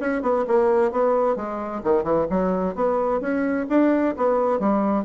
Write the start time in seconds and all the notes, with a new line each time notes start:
0.00 C#4
0.22 B3
0.47 A#3
0.92 B3
1.36 G#3
1.84 D#3
2.04 E3
2.30 F#3
2.75 B3
3.21 C#4
3.69 D4
4.17 B3
4.60 G3